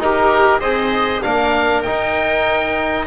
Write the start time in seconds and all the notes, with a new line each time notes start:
0.00 D#4 G4 A#4
0.61 C4 G#4 C5 D#5
1.22 A#3 D4 A#4 F5
1.83 D#4 G5
1.89 D#4